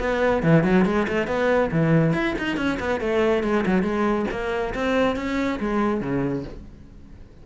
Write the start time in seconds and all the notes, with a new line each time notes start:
0.00 B3
0.43 E3
0.64 F#3
0.86 G#3
1.08 A3
1.28 B3
1.72 E3
2.13 E4
2.39 D#4
2.57 C#4
2.80 B3
3.01 A3
3.44 G#3
3.66 F#3
3.83 G#3
4.31 A#3
4.75 C4
5.17 C#4
5.60 G#3
6.01 C#3